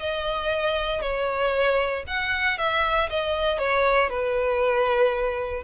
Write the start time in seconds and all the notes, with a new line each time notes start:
0.00 D#5
1.01 C#5
2.07 F#5
2.59 E5
3.10 D#5
3.59 C#5
4.10 B4